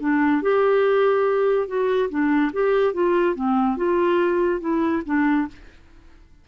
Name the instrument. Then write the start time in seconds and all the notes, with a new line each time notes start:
clarinet
0.00 D4
0.42 G4
1.67 F#4
2.09 D4
2.53 G4
2.93 F4
3.35 C4
3.76 F4
4.60 E4
5.05 D4